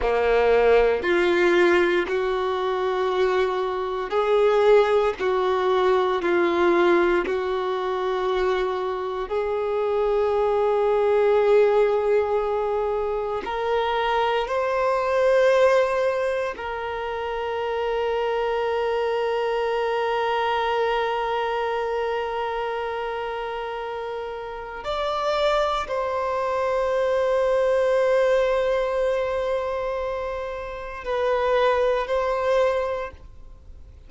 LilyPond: \new Staff \with { instrumentName = "violin" } { \time 4/4 \tempo 4 = 58 ais4 f'4 fis'2 | gis'4 fis'4 f'4 fis'4~ | fis'4 gis'2.~ | gis'4 ais'4 c''2 |
ais'1~ | ais'1 | d''4 c''2.~ | c''2 b'4 c''4 | }